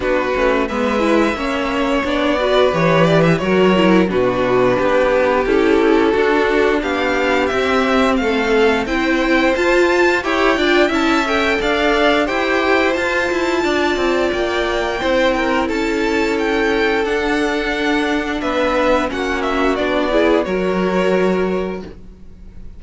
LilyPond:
<<
  \new Staff \with { instrumentName = "violin" } { \time 4/4 \tempo 4 = 88 b'4 e''2 d''4 | cis''8 d''16 e''16 cis''4 b'2 | a'2 f''4 e''4 | f''4 g''4 a''4 g''4 |
a''8 g''8 f''4 g''4 a''4~ | a''4 g''2 a''4 | g''4 fis''2 e''4 | fis''8 e''8 d''4 cis''2 | }
  \new Staff \with { instrumentName = "violin" } { \time 4/4 fis'4 b'4 cis''4. b'8~ | b'4 ais'4 fis'4 g'4~ | g'4 fis'4 g'2 | a'4 c''2 cis''8 d''8 |
e''4 d''4 c''2 | d''2 c''8 ais'8 a'4~ | a'2. b'4 | fis'4. gis'8 ais'2 | }
  \new Staff \with { instrumentName = "viola" } { \time 4/4 d'8 cis'8 b8 e'8 cis'4 d'8 fis'8 | g'4 fis'8 e'8 d'2 | e'4 d'2 c'4~ | c'4 e'4 f'4 g'8 f'8 |
e'8 a'4. g'4 f'4~ | f'2 e'2~ | e'4 d'2. | cis'4 d'8 e'8 fis'2 | }
  \new Staff \with { instrumentName = "cello" } { \time 4/4 b8 a8 gis4 ais4 b4 | e4 fis4 b,4 b4 | cis'4 d'4 b4 c'4 | a4 c'4 f'4 e'8 d'8 |
cis'4 d'4 e'4 f'8 e'8 | d'8 c'8 ais4 c'4 cis'4~ | cis'4 d'2 b4 | ais4 b4 fis2 | }
>>